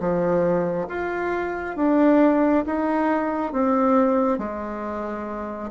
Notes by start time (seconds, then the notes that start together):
0.00 F3
0.89 F4
1.76 D4
2.66 D#4
3.53 C4
4.38 G#3